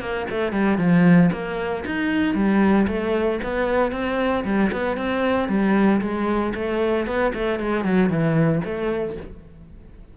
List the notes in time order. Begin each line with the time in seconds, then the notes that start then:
0.00 A#3
0.30 A3
0.52 G3
0.78 F3
1.32 A#3
1.86 D#4
2.34 G3
2.87 A3
3.43 B3
3.92 C4
4.44 G3
4.72 B3
4.97 C4
5.48 G3
6.01 G#3
6.54 A3
7.06 B3
7.34 A3
7.59 G#3
7.84 F#3
8.09 E3
8.64 A3